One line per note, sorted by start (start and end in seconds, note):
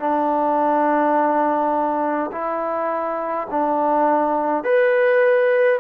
0.00 2.31 D4
2.32 3.48 E4
3.51 4.64 D4
4.64 5.80 B4